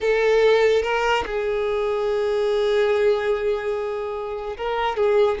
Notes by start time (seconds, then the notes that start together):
0.01 A4
0.82 A#4
1.25 G#4
4.57 A#4
4.96 G#4